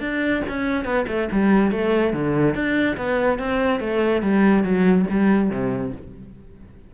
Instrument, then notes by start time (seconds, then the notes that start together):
cello
0.00 D4
0.48 C#4
0.84 B3
1.07 A3
1.31 G3
1.71 A3
2.13 D3
2.54 D4
2.96 B3
3.38 C4
3.80 A3
4.21 G3
4.63 F#3
5.09 G3
5.49 C3